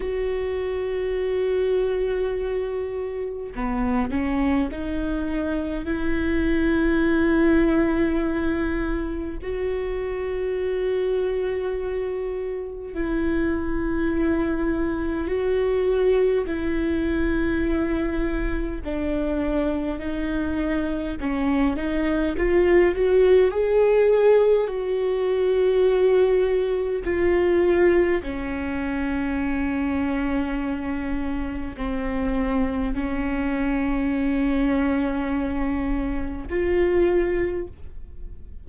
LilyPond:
\new Staff \with { instrumentName = "viola" } { \time 4/4 \tempo 4 = 51 fis'2. b8 cis'8 | dis'4 e'2. | fis'2. e'4~ | e'4 fis'4 e'2 |
d'4 dis'4 cis'8 dis'8 f'8 fis'8 | gis'4 fis'2 f'4 | cis'2. c'4 | cis'2. f'4 | }